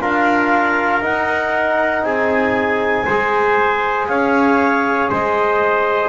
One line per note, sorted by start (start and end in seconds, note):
0.00 1.01 D4
0.00 1.02 F4
0.00 2.05 A#4
0.00 1.03 F5
1.01 2.03 D#4
1.01 3.05 D#4
1.01 2.04 F#5
2.03 3.04 C4
2.03 3.05 G#4
2.03 4.07 G#5
3.05 4.08 G#3
3.05 6.09 G#4
3.05 4.07 C5
4.07 5.10 C#4
4.07 5.10 C#5
4.07 5.09 F5
5.10 6.09 G#3
5.10 6.09 C5
5.10 6.09 D#5